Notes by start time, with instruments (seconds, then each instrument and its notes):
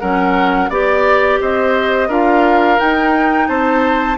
0.00 bassoon F#3, clarinet C#4, oboe A#4, flute F#5
0.70 bassoon B3, clarinet G4, flute D5, oboe D5
1.41 bassoon C4, oboe C5, flute D#5
2.08 bassoon D4, clarinet F4, oboe A#4, flute F5
2.79 clarinet D#4, bassoon D#4, flute G5
3.48 bassoon C4, oboe C5, flute A5